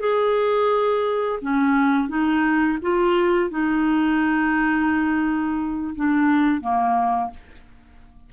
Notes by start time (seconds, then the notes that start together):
0.00 G#4
1.41 C#4
2.09 D#4
2.82 F4
3.50 D#4
5.95 D4
6.61 A#3